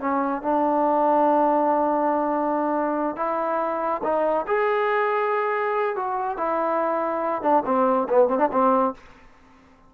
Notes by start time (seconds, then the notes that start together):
0.00 C#4
0.43 D4
3.16 E4
4.04 D#4
4.47 G#4
5.96 F#4
6.38 E4
7.43 D4
7.66 C4
8.09 B3
8.29 C4
8.39 D4
8.52 C4